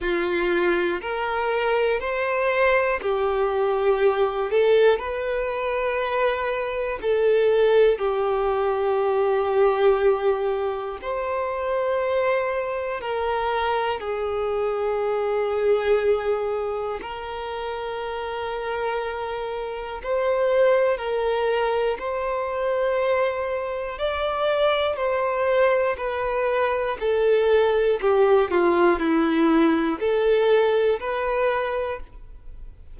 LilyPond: \new Staff \with { instrumentName = "violin" } { \time 4/4 \tempo 4 = 60 f'4 ais'4 c''4 g'4~ | g'8 a'8 b'2 a'4 | g'2. c''4~ | c''4 ais'4 gis'2~ |
gis'4 ais'2. | c''4 ais'4 c''2 | d''4 c''4 b'4 a'4 | g'8 f'8 e'4 a'4 b'4 | }